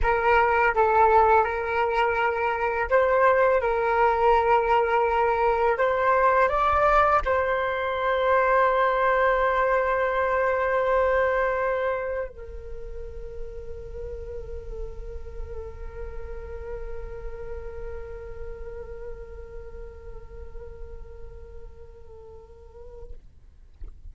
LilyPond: \new Staff \with { instrumentName = "flute" } { \time 4/4 \tempo 4 = 83 ais'4 a'4 ais'2 | c''4 ais'2. | c''4 d''4 c''2~ | c''1~ |
c''4 ais'2.~ | ais'1~ | ais'1~ | ais'1 | }